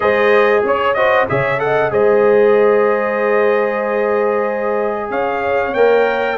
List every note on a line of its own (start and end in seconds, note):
0.00 0.63 G#3
0.00 0.95 G#4
0.00 0.63 C5
0.00 0.63 D#5
0.63 1.26 C#4
0.63 0.96 C#5
0.63 0.93 C#5
0.93 1.27 F#4
0.93 1.28 C5
0.93 1.25 D#5
1.28 1.91 C#3
1.28 1.59 G#4
1.28 1.62 C#5
1.28 1.59 E5
1.59 1.90 A4
1.59 1.92 D#5
1.59 1.91 F#5
1.90 5.10 G#3
1.90 5.73 G#4
1.90 5.10 C5
1.90 5.11 D#5
5.10 5.73 C#4
5.10 6.37 C#5
5.10 5.74 F5
5.73 6.37 A#3
5.73 6.37 A#4
5.73 6.37 G5